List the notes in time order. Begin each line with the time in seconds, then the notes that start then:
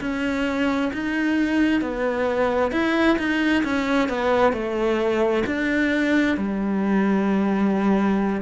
0.00 C#4
0.93 D#4
1.81 B3
2.71 E4
3.18 D#4
3.64 C#4
4.09 B3
4.52 A3
5.46 D4
6.37 G3